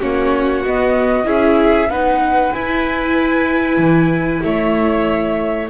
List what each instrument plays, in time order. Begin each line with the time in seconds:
0.00 double bass A#3, viola C#4, violin F#4, flute C#5
0.64 double bass B3, viola B3, flute D#5
1.25 double bass C#4, viola E4, violin G#4, flute E5
1.89 double bass B3, viola D#4, violin B4, flute F#5
2.53 double bass E4, viola E4, flute G#5
3.78 double bass E3
4.42 double bass A3, violin C#5, flute E5